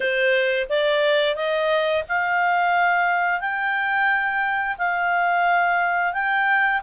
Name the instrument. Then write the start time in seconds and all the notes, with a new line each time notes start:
clarinet
0.00 C5
0.69 D5
1.35 D#5
2.08 F5
3.40 G5
4.78 F5
6.13 G5